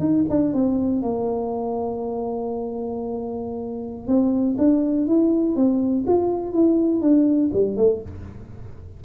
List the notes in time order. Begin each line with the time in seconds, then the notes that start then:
0.00 D#4
0.30 D4
0.54 C4
1.02 A#3
4.08 C4
4.58 D4
5.07 E4
5.56 C4
6.07 F4
6.53 E4
7.01 D4
7.54 G3
7.77 A3